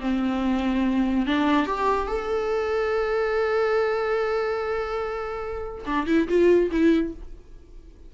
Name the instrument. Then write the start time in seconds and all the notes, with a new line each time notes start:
viola
0.00 C4
1.26 D4
1.66 G4
2.07 A4
5.86 D4
6.06 E4
6.28 F4
6.71 E4